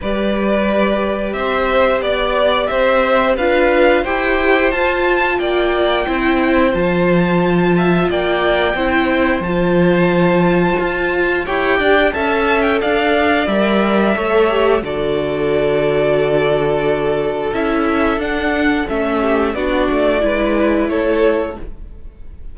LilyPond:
<<
  \new Staff \with { instrumentName = "violin" } { \time 4/4 \tempo 4 = 89 d''2 e''4 d''4 | e''4 f''4 g''4 a''4 | g''2 a''2 | g''2 a''2~ |
a''4 g''4 a''8. g''16 f''4 | e''2 d''2~ | d''2 e''4 fis''4 | e''4 d''2 cis''4 | }
  \new Staff \with { instrumentName = "violin" } { \time 4/4 b'2 c''4 d''4 | c''4 b'4 c''2 | d''4 c''2~ c''8 e''8 | d''4 c''2.~ |
c''4 cis''8 d''8 e''4 d''4~ | d''4 cis''4 a'2~ | a'1~ | a'8 g'8 fis'4 b'4 a'4 | }
  \new Staff \with { instrumentName = "viola" } { \time 4/4 g'1~ | g'4 f'4 g'4 f'4~ | f'4 e'4 f'2~ | f'4 e'4 f'2~ |
f'4 g'4 a'2 | ais'4 a'8 g'8 fis'2~ | fis'2 e'4 d'4 | cis'4 d'4 e'2 | }
  \new Staff \with { instrumentName = "cello" } { \time 4/4 g2 c'4 b4 | c'4 d'4 e'4 f'4 | ais4 c'4 f2 | ais4 c'4 f2 |
f'4 e'8 d'8 cis'4 d'4 | g4 a4 d2~ | d2 cis'4 d'4 | a4 b8 a8 gis4 a4 | }
>>